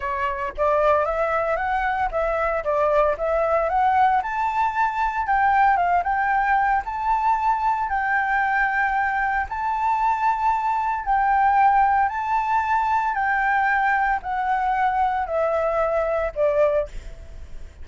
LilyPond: \new Staff \with { instrumentName = "flute" } { \time 4/4 \tempo 4 = 114 cis''4 d''4 e''4 fis''4 | e''4 d''4 e''4 fis''4 | a''2 g''4 f''8 g''8~ | g''4 a''2 g''4~ |
g''2 a''2~ | a''4 g''2 a''4~ | a''4 g''2 fis''4~ | fis''4 e''2 d''4 | }